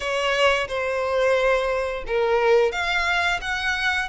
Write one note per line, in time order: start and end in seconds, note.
0.00 0.67 C#5
0.68 2.04 C5
2.06 2.71 A#4
2.71 3.40 F5
3.41 4.08 F#5